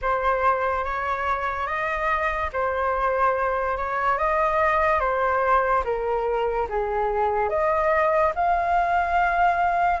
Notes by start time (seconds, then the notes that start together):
0.01 C5
0.84 C#5
1.66 D#5
2.52 C5
3.77 C#5
4.17 D#5
5.00 C5
5.84 A#4
6.69 G#4
7.49 D#5
8.35 F5